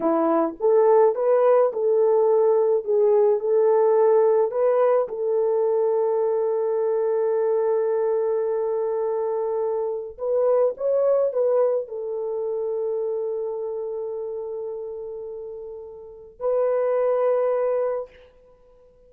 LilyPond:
\new Staff \with { instrumentName = "horn" } { \time 4/4 \tempo 4 = 106 e'4 a'4 b'4 a'4~ | a'4 gis'4 a'2 | b'4 a'2.~ | a'1~ |
a'2 b'4 cis''4 | b'4 a'2.~ | a'1~ | a'4 b'2. | }